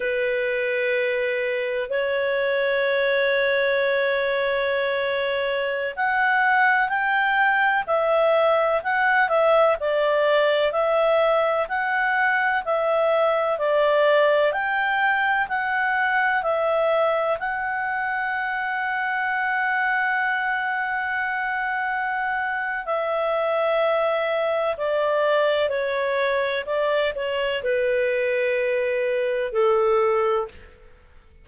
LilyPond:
\new Staff \with { instrumentName = "clarinet" } { \time 4/4 \tempo 4 = 63 b'2 cis''2~ | cis''2~ cis''16 fis''4 g''8.~ | g''16 e''4 fis''8 e''8 d''4 e''8.~ | e''16 fis''4 e''4 d''4 g''8.~ |
g''16 fis''4 e''4 fis''4.~ fis''16~ | fis''1 | e''2 d''4 cis''4 | d''8 cis''8 b'2 a'4 | }